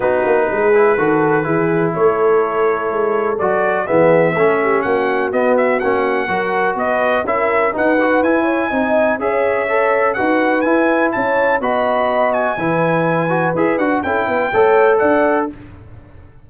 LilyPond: <<
  \new Staff \with { instrumentName = "trumpet" } { \time 4/4 \tempo 4 = 124 b'1 | cis''2. d''4 | e''2 fis''4 dis''8 e''8 | fis''2 dis''4 e''4 |
fis''4 gis''2 e''4~ | e''4 fis''4 gis''4 a''4 | b''4. gis''2~ gis''8 | e''8 fis''8 g''2 fis''4 | }
  \new Staff \with { instrumentName = "horn" } { \time 4/4 fis'4 gis'4 a'4 gis'4 | a'1 | gis'4 a'8 g'8 fis'2~ | fis'4 ais'4 b'4 ais'4 |
b'4. cis''8 dis''4 cis''4~ | cis''4 b'2 cis''4 | dis''2 b'2~ | b'4 a'8 b'8 cis''4 d''4 | }
  \new Staff \with { instrumentName = "trombone" } { \time 4/4 dis'4. e'8 fis'4 e'4~ | e'2. fis'4 | b4 cis'2 b4 | cis'4 fis'2 e'4 |
dis'8 fis'8 e'4 dis'4 gis'4 | a'4 fis'4 e'2 | fis'2 e'4. fis'8 | gis'8 fis'8 e'4 a'2 | }
  \new Staff \with { instrumentName = "tuba" } { \time 4/4 b8 ais8 gis4 dis4 e4 | a2 gis4 fis4 | e4 a4 ais4 b4 | ais4 fis4 b4 cis'4 |
dis'4 e'4 c'4 cis'4~ | cis'4 dis'4 e'4 cis'4 | b2 e2 | e'8 d'8 cis'8 b8 a4 d'4 | }
>>